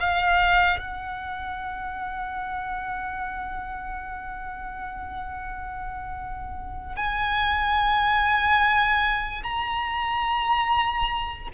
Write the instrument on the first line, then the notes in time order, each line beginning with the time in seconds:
violin
0.00 F5
0.79 F#5
6.96 G#5
9.43 A#5